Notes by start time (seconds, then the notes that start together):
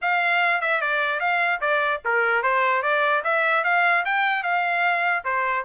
0.01 F5
0.61 E5
0.81 D5
1.20 F5
1.61 D5
2.04 A#4
2.42 C5
2.82 D5
3.23 E5
3.64 F5
4.05 G5
4.43 F5
5.24 C5